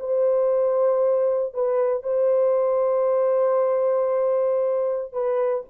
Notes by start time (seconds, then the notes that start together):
0.00 C5
1.54 B4
2.03 C5
5.13 B4